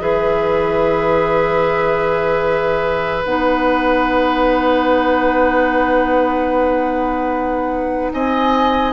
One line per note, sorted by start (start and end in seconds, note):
0.00 3.26 E3
0.00 3.24 G#4
0.00 8.13 B4
0.00 3.25 E5
3.25 8.12 B3
3.25 8.93 D#4
3.25 8.12 F#5
8.13 8.93 C4
8.13 8.93 D#5
8.13 8.93 G#5